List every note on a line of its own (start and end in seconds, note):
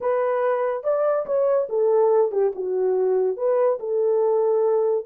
0.00 0.83 B4
0.83 1.25 D5
1.26 1.68 C#5
1.69 2.31 A4
2.31 2.52 G4
2.55 3.36 F#4
3.36 3.78 B4
3.79 5.05 A4